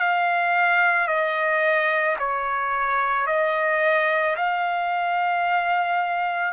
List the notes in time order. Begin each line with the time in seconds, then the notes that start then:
0.00 F5
1.08 D#5
2.19 C#5
3.27 D#5
4.36 F5